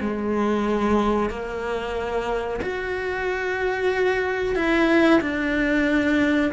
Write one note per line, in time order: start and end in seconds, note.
0.00 1.30 G#3
1.30 2.60 A#3
2.62 4.55 F#4
4.55 5.21 E4
5.21 6.52 D4